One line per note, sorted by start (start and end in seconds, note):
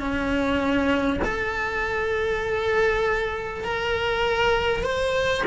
0.00 1.20 C#4
1.25 3.65 A4
3.65 4.84 A#4
4.84 5.44 C5